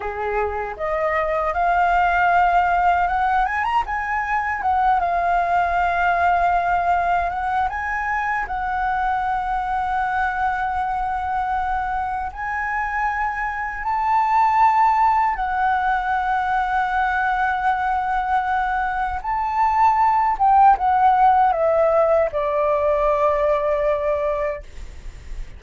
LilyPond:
\new Staff \with { instrumentName = "flute" } { \time 4/4 \tempo 4 = 78 gis'4 dis''4 f''2 | fis''8 gis''16 ais''16 gis''4 fis''8 f''4.~ | f''4. fis''8 gis''4 fis''4~ | fis''1 |
gis''2 a''2 | fis''1~ | fis''4 a''4. g''8 fis''4 | e''4 d''2. | }